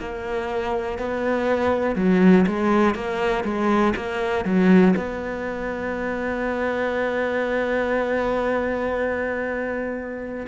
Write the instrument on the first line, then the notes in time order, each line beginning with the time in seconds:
cello
0.00 A#3
0.99 B3
1.96 F#3
2.47 G#3
2.95 A#3
3.45 G#3
3.97 A#3
4.45 F#3
4.97 B3